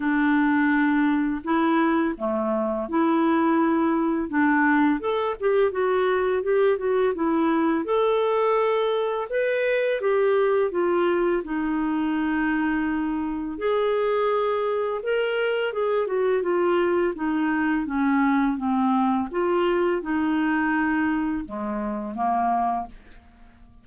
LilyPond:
\new Staff \with { instrumentName = "clarinet" } { \time 4/4 \tempo 4 = 84 d'2 e'4 a4 | e'2 d'4 a'8 g'8 | fis'4 g'8 fis'8 e'4 a'4~ | a'4 b'4 g'4 f'4 |
dis'2. gis'4~ | gis'4 ais'4 gis'8 fis'8 f'4 | dis'4 cis'4 c'4 f'4 | dis'2 gis4 ais4 | }